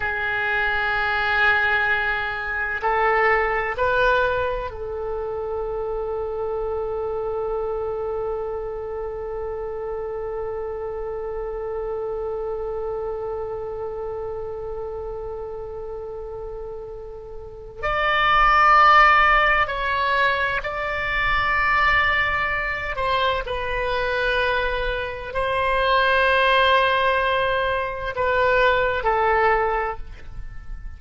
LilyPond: \new Staff \with { instrumentName = "oboe" } { \time 4/4 \tempo 4 = 64 gis'2. a'4 | b'4 a'2.~ | a'1~ | a'1~ |
a'2. d''4~ | d''4 cis''4 d''2~ | d''8 c''8 b'2 c''4~ | c''2 b'4 a'4 | }